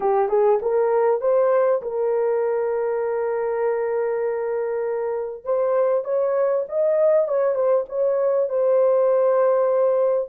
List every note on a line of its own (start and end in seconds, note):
0.00 0.29 G4
0.29 0.59 G#4
0.61 1.20 A#4
1.20 1.81 C5
1.82 5.44 A#4
5.44 6.04 C5
6.04 6.64 C#5
6.69 7.28 D#5
7.28 7.54 C#5
7.54 7.85 C5
7.88 8.48 C#5
8.48 10.29 C5